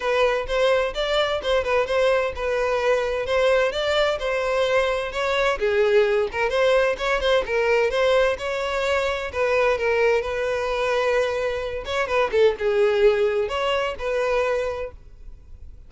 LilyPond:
\new Staff \with { instrumentName = "violin" } { \time 4/4 \tempo 4 = 129 b'4 c''4 d''4 c''8 b'8 | c''4 b'2 c''4 | d''4 c''2 cis''4 | gis'4. ais'8 c''4 cis''8 c''8 |
ais'4 c''4 cis''2 | b'4 ais'4 b'2~ | b'4. cis''8 b'8 a'8 gis'4~ | gis'4 cis''4 b'2 | }